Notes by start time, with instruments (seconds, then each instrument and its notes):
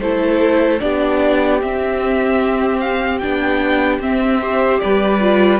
0.00 cello A3, viola E4, violin A4 C5
0.80 cello B3, viola D4, violin G4 D5
1.61 viola C4, cello C4, violin E5
2.80 violin F5
3.19 cello B3, viola D4, violin G5
3.99 cello C4, viola C4, violin E5
4.41 viola G4, violin C5
4.80 cello G3, violin B4 D5
5.20 viola F4